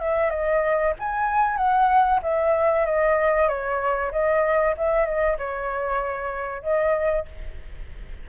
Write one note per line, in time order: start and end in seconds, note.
0.00 0.30 E5
0.30 0.94 D#5
0.99 1.57 G#5
1.57 2.20 F#5
2.22 2.86 E5
2.86 3.49 D#5
3.49 4.12 C#5
4.12 4.75 D#5
4.77 5.06 E5
5.06 5.37 D#5
5.38 6.63 C#5
6.63 7.26 D#5